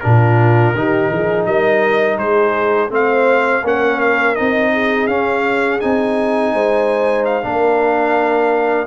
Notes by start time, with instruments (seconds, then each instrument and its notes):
0.00 tuba A#2, trombone D4, horn F4, trumpet A#4
0.74 tuba D#3, trombone D#4, horn G4
1.11 tuba F3, horn G#4
1.45 tuba G3, horn A#4, trumpet D#5
2.16 tuba G#3, horn G#4, trumpet C5
2.89 tuba A3, trombone C4, horn C5, trumpet F5
3.64 tuba A#3, trombone C#4, horn A#4, trumpet F#5
4.00 trumpet F5
4.35 tuba C4, trombone D#4, trumpet D#5
4.72 horn G#4
5.07 tuba C#4, trombone C#4, trumpet F5
5.80 tuba C4, trombone D#4, trumpet G#5
6.53 tuba G#3, horn C5
7.25 trumpet F5
7.42 tuba A#3, trombone D4, horn A#4